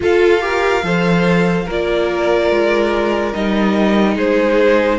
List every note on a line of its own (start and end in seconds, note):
0.00 0.40 F4
0.00 0.83 F4
0.00 0.43 A4
0.00 1.69 F5
0.40 0.82 G4
0.40 0.85 A#4
0.83 1.66 F3
0.83 1.67 A4
0.83 1.65 C5
1.65 2.50 A#3
1.65 3.33 F4
1.65 4.14 A#4
1.65 3.33 D5
2.50 3.34 G#3
3.33 4.16 G3
3.33 4.99 D#4
3.33 4.16 D#5
4.14 4.99 G#3
4.14 4.98 G#4
4.14 4.99 C5